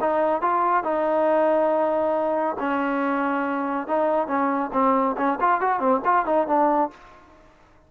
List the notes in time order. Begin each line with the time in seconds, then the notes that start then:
0.00 D#4
0.41 F4
0.84 D#4
2.59 C#4
3.87 D#4
4.27 C#4
4.73 C4
5.17 C#4
5.40 F4
5.61 F#4
5.80 C4
6.05 F4
6.26 D#4
6.47 D4